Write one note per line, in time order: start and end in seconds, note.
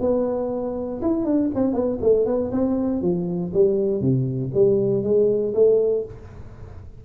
0.00 1.01 B3
1.02 1.25 E4
1.25 1.50 D4
1.55 1.73 C4
1.73 1.98 B3
2.01 2.26 A3
2.26 2.51 B3
2.52 3.02 C4
3.02 3.52 F3
3.53 4.01 G3
4.01 4.51 C3
4.54 5.03 G3
5.03 5.53 G#3
5.54 6.05 A3